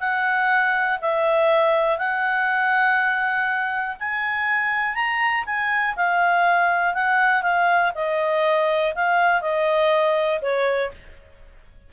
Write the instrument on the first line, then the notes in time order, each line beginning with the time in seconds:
clarinet
0.00 F#5
1.01 E5
1.98 F#5
3.99 G#5
4.95 A#5
5.45 G#5
5.96 F5
6.94 F#5
7.42 F5
7.95 D#5
8.94 F5
9.41 D#5
10.41 C#5